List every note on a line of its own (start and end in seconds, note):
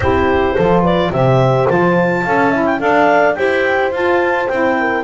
0.00 0.54 C4
0.00 0.58 E4
0.00 0.56 G4
0.00 0.82 C5
0.56 1.10 F3
0.56 1.13 F4
0.56 0.81 A4
0.81 1.09 B4
0.81 1.12 D5
1.10 1.66 C3
1.10 1.68 G4
1.10 2.23 C5
1.10 1.68 E5
1.68 2.26 F3
1.68 2.24 F4
1.68 2.65 A5
2.23 2.80 C#4
2.23 2.52 A4
2.23 2.51 F5
2.51 2.79 E4
2.51 2.79 E5
2.65 2.79 G5
2.79 3.36 D4
2.79 3.35 A4
2.79 3.37 D5
2.79 3.34 F5
3.34 3.91 E4
3.34 3.91 G4
3.34 4.77 C5
3.34 3.90 G5
3.91 4.47 F4
3.91 4.48 F4
3.91 4.48 A5
4.48 5.04 C4
4.48 5.04 E4
4.48 5.04 G5
4.79 5.04 A#4